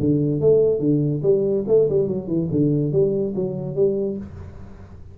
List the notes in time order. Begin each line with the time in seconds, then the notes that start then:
0.00 D3
0.41 A3
0.80 D3
1.23 G3
1.68 A3
1.90 G3
2.08 F#3
2.28 E3
2.51 D3
2.92 G3
3.36 F#3
3.76 G3